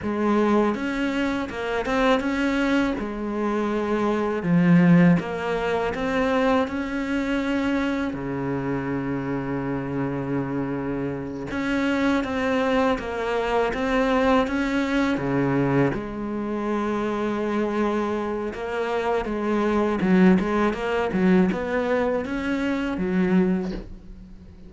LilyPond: \new Staff \with { instrumentName = "cello" } { \time 4/4 \tempo 4 = 81 gis4 cis'4 ais8 c'8 cis'4 | gis2 f4 ais4 | c'4 cis'2 cis4~ | cis2.~ cis8 cis'8~ |
cis'8 c'4 ais4 c'4 cis'8~ | cis'8 cis4 gis2~ gis8~ | gis4 ais4 gis4 fis8 gis8 | ais8 fis8 b4 cis'4 fis4 | }